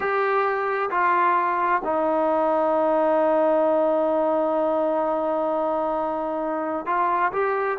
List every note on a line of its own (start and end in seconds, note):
0.00 0.90 G4
0.90 1.82 F4
1.84 6.86 D#4
6.86 7.32 F4
7.32 7.78 G4